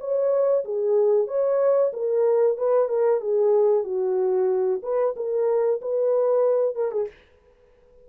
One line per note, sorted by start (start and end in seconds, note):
0.00 0.65 C#5
0.65 1.27 G#4
1.27 1.92 C#5
1.93 2.57 A#4
2.57 2.89 B4
2.89 3.21 A#4
3.21 3.84 G#4
3.84 4.81 F#4
4.82 5.15 B4
5.16 5.81 A#4
5.81 6.76 B4
6.76 6.91 A#4
6.91 7.07 G#4